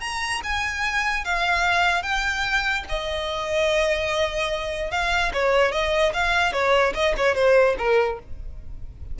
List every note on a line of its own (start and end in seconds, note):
0.00 0.41 A#5
0.43 1.24 G#5
1.24 2.02 F5
2.02 2.84 G5
2.89 4.91 D#5
4.91 5.32 F5
5.33 5.71 C#5
5.71 6.12 D#5
6.13 6.53 F5
6.53 6.93 C#5
6.94 7.14 D#5
7.17 7.35 C#5
7.35 7.76 C5
7.78 8.19 A#4